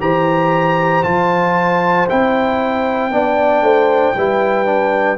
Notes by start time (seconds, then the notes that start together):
0.00 E3 G4 C5 A#5
1.03 F3 F4 A5
2.09 C4 E4 G5
3.11 B3 D4 D5
3.62 A3 C5
4.16 G3 E4 B4
4.65 D4